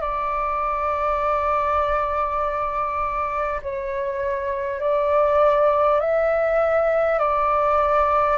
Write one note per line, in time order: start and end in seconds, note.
0.00 3.60 D5
3.62 4.80 C#5
4.80 6.00 D5
6.00 7.18 E5
7.18 8.37 D5